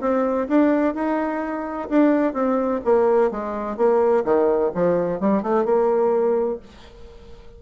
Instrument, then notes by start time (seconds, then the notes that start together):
bassoon
0.00 C4
0.48 D4
0.94 D#4
1.89 D4
2.33 C4
2.84 A#3
3.31 G#3
3.77 A#3
4.24 D#3
4.74 F3
5.20 G3
5.42 A3
5.65 A#3